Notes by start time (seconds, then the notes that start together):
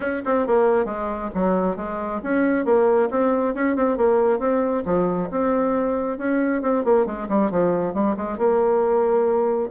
0.00 C#4
0.25 C4
0.46 A#3
0.85 G#3
1.34 F#3
1.76 G#3
2.23 C#4
2.65 A#3
3.10 C4
3.54 C#4
3.76 C4
3.97 A#3
4.39 C4
4.85 F3
5.30 C4
6.18 C#4
6.62 C4
6.84 A#3
7.06 G#3
7.28 G3
7.51 F3
7.94 G3
8.17 G#3
8.37 A#3